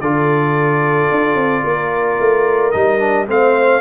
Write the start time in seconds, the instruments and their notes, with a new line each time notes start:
0.00 tuba D3, trombone F4, horn A4, trumpet D5
1.11 tuba D4
1.35 tuba C4
1.64 tuba A#3, horn A#4
2.19 tuba A3
2.71 tuba G3, trombone D#4, trumpet D#5
2.99 trombone D4
3.27 tuba A3, trombone C4, horn C5, trumpet F5